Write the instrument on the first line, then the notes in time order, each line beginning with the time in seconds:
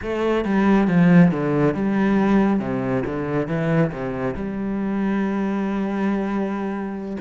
cello
0.02 A3
0.44 G3
0.87 F3
1.30 D3
1.74 G3
2.59 C3
3.05 D3
3.47 E3
3.92 C3
4.34 G3